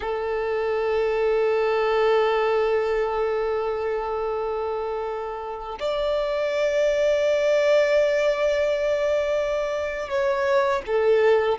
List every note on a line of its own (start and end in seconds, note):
0.00 5.78 A4
5.79 10.09 D5
10.09 10.82 C#5
10.86 11.58 A4